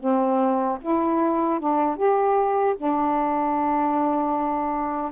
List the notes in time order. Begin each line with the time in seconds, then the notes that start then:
0.00 C4
0.82 E4
1.60 D4
1.97 G4
2.78 D4